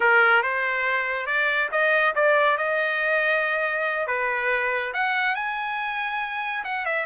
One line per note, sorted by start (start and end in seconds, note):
0.00 0.42 A#4
0.42 1.26 C5
1.26 1.69 D5
1.71 2.14 D#5
2.15 2.57 D5
2.57 4.07 D#5
4.07 4.93 B4
4.93 5.35 F#5
5.35 6.64 G#5
6.64 6.85 F#5
6.85 7.06 E5